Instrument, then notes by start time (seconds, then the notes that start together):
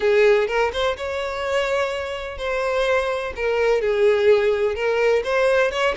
violin
0.00 G#4
0.47 A#4
0.72 C5
0.96 C#5
2.37 C5
3.35 A#4
3.81 G#4
4.75 A#4
5.23 C5
5.71 C#5